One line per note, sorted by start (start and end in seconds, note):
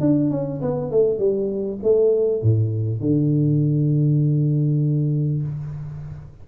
0.00 0.30 D4
0.30 0.60 C#4
0.61 0.91 B3
0.91 1.18 A3
1.18 1.79 G3
1.83 2.42 A3
2.42 3.00 A2
3.00 5.42 D3